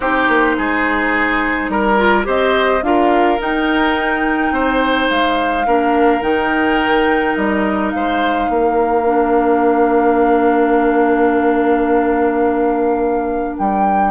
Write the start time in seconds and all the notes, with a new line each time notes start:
0.00 C4 D#4 G4 C5
0.28 A#3
0.58 G#3 G#4
1.69 G3 A#4
1.98 F4
2.23 C4 G4 C5 D#5
2.82 D4 F4 A#4 F5
3.38 D#4 G5
4.51 C4 C5
5.10 G#3 F5
5.66 A#3 D4 A#4
6.21 D#3 D#4 G5
7.35 G3 D#5
7.90 G#3 C5 F5
8.48 A#3 A#4
9.05 D4
13.58 G3 G5